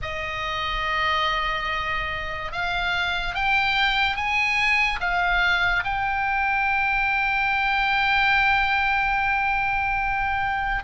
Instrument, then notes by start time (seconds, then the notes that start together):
oboe
0.02 D#5
2.52 F5
3.34 G5
4.16 G#5
5.00 F5
5.83 G5